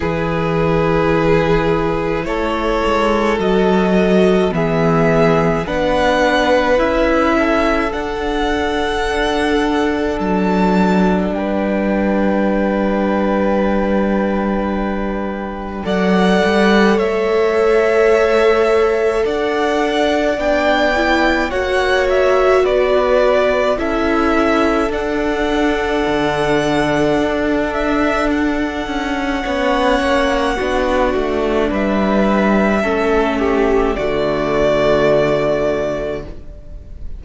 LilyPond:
<<
  \new Staff \with { instrumentName = "violin" } { \time 4/4 \tempo 4 = 53 b'2 cis''4 dis''4 | e''4 fis''4 e''4 fis''4~ | fis''4 a''4 g''2~ | g''2 fis''4 e''4~ |
e''4 fis''4 g''4 fis''8 e''8 | d''4 e''4 fis''2~ | fis''8 e''8 fis''2. | e''2 d''2 | }
  \new Staff \with { instrumentName = "violin" } { \time 4/4 gis'2 a'2 | gis'4 b'4. a'4.~ | a'2 b'2~ | b'2 d''4 cis''4~ |
cis''4 d''2 cis''4 | b'4 a'2.~ | a'2 cis''4 fis'4 | b'4 a'8 g'8 fis'2 | }
  \new Staff \with { instrumentName = "viola" } { \time 4/4 e'2. fis'4 | b4 d'4 e'4 d'4~ | d'1~ | d'2 a'2~ |
a'2 d'8 e'8 fis'4~ | fis'4 e'4 d'2~ | d'2 cis'4 d'4~ | d'4 cis'4 a2 | }
  \new Staff \with { instrumentName = "cello" } { \time 4/4 e2 a8 gis8 fis4 | e4 b4 cis'4 d'4~ | d'4 fis4 g2~ | g2 fis8 g8 a4~ |
a4 d'4 b4 ais4 | b4 cis'4 d'4 d4 | d'4. cis'8 b8 ais8 b8 a8 | g4 a4 d2 | }
>>